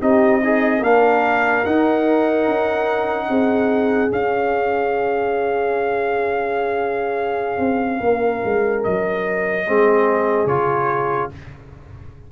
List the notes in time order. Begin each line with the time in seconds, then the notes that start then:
0.00 C4 D#4 G4 D#5
0.41 D#4 G#4
0.79 A#3 D4 A#4 F5
1.65 D#4 F#5
2.47 C#4
3.28 C4 G#4
4.09 C#4 F5
7.58 C4
8.00 A#3 A#4
8.45 G#3
8.84 F#3 D#5
9.67 G#3 C4 G#4
10.46 C#3 F4 C#5